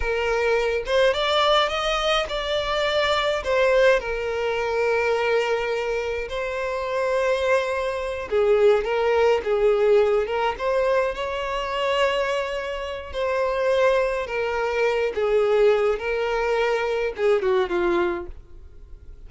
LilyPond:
\new Staff \with { instrumentName = "violin" } { \time 4/4 \tempo 4 = 105 ais'4. c''8 d''4 dis''4 | d''2 c''4 ais'4~ | ais'2. c''4~ | c''2~ c''8 gis'4 ais'8~ |
ais'8 gis'4. ais'8 c''4 cis''8~ | cis''2. c''4~ | c''4 ais'4. gis'4. | ais'2 gis'8 fis'8 f'4 | }